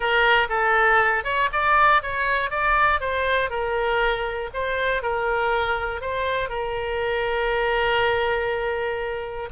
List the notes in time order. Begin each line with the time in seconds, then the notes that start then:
0.00 A#4
0.49 A4
1.24 C#5
1.52 D5
2.02 C#5
2.50 D5
3.00 C5
3.50 A#4
4.53 C5
5.02 A#4
6.01 C5
6.49 A#4